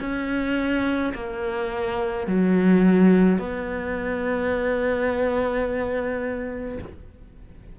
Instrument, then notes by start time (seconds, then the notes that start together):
cello
0.00 C#4
1.15 A#3
2.27 F#3
3.39 B3